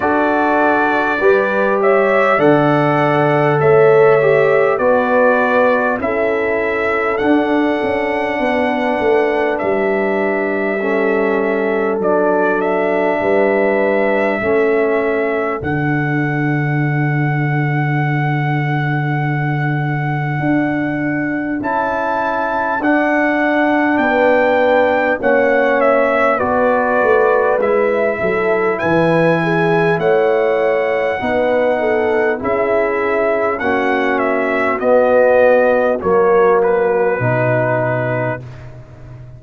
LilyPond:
<<
  \new Staff \with { instrumentName = "trumpet" } { \time 4/4 \tempo 4 = 50 d''4. e''8 fis''4 e''4 | d''4 e''4 fis''2 | e''2 d''8 e''4.~ | e''4 fis''2.~ |
fis''2 a''4 fis''4 | g''4 fis''8 e''8 d''4 e''4 | gis''4 fis''2 e''4 | fis''8 e''8 dis''4 cis''8 b'4. | }
  \new Staff \with { instrumentName = "horn" } { \time 4/4 a'4 b'8 cis''8 d''4 cis''4 | b'4 a'2 b'4~ | b'4 a'2 b'4 | a'1~ |
a'1 | b'4 cis''4 b'4. a'8 | b'8 gis'8 cis''4 b'8 a'8 gis'4 | fis'1 | }
  \new Staff \with { instrumentName = "trombone" } { \time 4/4 fis'4 g'4 a'4. g'8 | fis'4 e'4 d'2~ | d'4 cis'4 d'2 | cis'4 d'2.~ |
d'2 e'4 d'4~ | d'4 cis'4 fis'4 e'4~ | e'2 dis'4 e'4 | cis'4 b4 ais4 dis'4 | }
  \new Staff \with { instrumentName = "tuba" } { \time 4/4 d'4 g4 d4 a4 | b4 cis'4 d'8 cis'8 b8 a8 | g2 fis4 g4 | a4 d2.~ |
d4 d'4 cis'4 d'4 | b4 ais4 b8 a8 gis8 fis8 | e4 a4 b4 cis'4 | ais4 b4 fis4 b,4 | }
>>